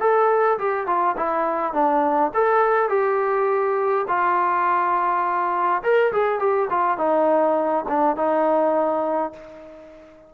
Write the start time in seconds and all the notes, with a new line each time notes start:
0.00 A4
0.59 G4
0.87 F4
1.17 E4
1.73 D4
2.34 A4
2.89 G4
4.08 F4
5.83 A#4
6.12 G#4
6.39 G4
6.70 F4
6.97 D#4
7.89 D4
8.16 D#4